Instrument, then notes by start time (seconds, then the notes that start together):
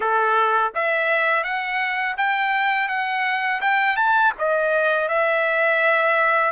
trumpet
0.00 A4
0.75 E5
1.43 F#5
2.17 G5
2.88 F#5
3.61 G5
3.96 A5
4.38 D#5
5.08 E5